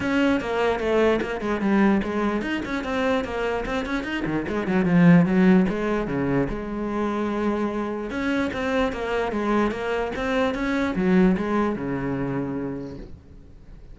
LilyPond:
\new Staff \with { instrumentName = "cello" } { \time 4/4 \tempo 4 = 148 cis'4 ais4 a4 ais8 gis8 | g4 gis4 dis'8 cis'8 c'4 | ais4 c'8 cis'8 dis'8 dis8 gis8 fis8 | f4 fis4 gis4 cis4 |
gis1 | cis'4 c'4 ais4 gis4 | ais4 c'4 cis'4 fis4 | gis4 cis2. | }